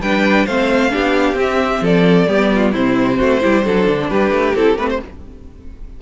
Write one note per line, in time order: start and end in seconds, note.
0.00 0.45 G3
0.00 0.48 D4
0.00 0.46 B4
0.00 0.46 G5
0.46 0.92 A3
0.46 0.89 C4
0.46 0.91 C5
0.46 1.37 F5
0.89 1.34 B3
0.89 1.35 D4
0.89 1.83 G4
1.34 1.79 C4
1.34 2.27 C4
1.41 1.85 E5
1.81 2.26 F3
1.81 2.28 A4
1.81 2.73 D5
2.27 2.73 G3
2.27 2.73 B3
2.27 2.51 G4
2.55 2.72 F4
2.72 3.20 C3
2.72 3.41 C4
2.72 3.17 E4
2.72 4.09 C5
3.17 3.43 A3
3.17 3.40 F#4
3.41 3.66 G3
3.41 3.63 E4
3.41 3.64 G4
3.64 3.87 F#3
3.64 4.55 D4
3.64 4.10 A4
3.87 4.10 D3
4.10 4.31 G3
4.10 5.01 G4
4.10 4.55 B4
4.31 4.54 A3
4.55 4.77 C4
4.55 4.79 E4
4.55 4.78 A4
4.77 4.99 A3
4.77 5.02 C4
4.77 4.89 B4
4.89 5.01 C5